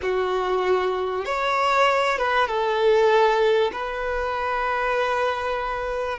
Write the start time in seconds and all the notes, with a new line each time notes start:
0.02 F#4
1.25 C#5
2.18 B4
2.47 A4
3.72 B4